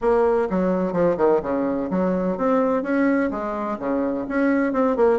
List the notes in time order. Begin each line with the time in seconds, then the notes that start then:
0.01 A#3
0.50 F#3
0.92 F3
1.17 D#3
1.42 C#3
1.90 F#3
2.37 C4
2.83 C#4
3.30 G#3
3.79 C#3
4.28 C#4
4.72 C4
4.96 A#3